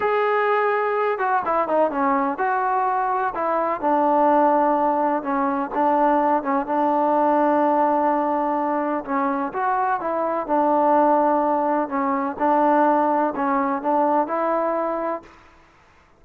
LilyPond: \new Staff \with { instrumentName = "trombone" } { \time 4/4 \tempo 4 = 126 gis'2~ gis'8 fis'8 e'8 dis'8 | cis'4 fis'2 e'4 | d'2. cis'4 | d'4. cis'8 d'2~ |
d'2. cis'4 | fis'4 e'4 d'2~ | d'4 cis'4 d'2 | cis'4 d'4 e'2 | }